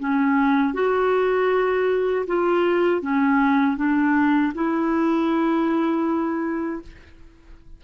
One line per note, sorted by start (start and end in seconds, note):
0.00 0.74 C#4
0.74 2.26 F#4
2.27 3.02 F4
3.02 3.77 C#4
3.77 4.53 D4
4.55 6.83 E4